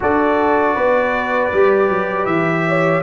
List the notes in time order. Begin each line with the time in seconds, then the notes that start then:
0.00 D4 F#4 A4 D5
0.74 B3 B4
1.52 G3 G4
1.89 F#3
2.25 E3 E5
2.67 C#5